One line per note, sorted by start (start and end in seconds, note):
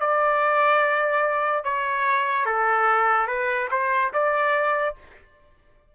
0.00 1.64 D5
1.64 2.46 C#5
2.46 3.28 A4
3.28 3.69 B4
3.71 4.12 C5
4.13 4.95 D5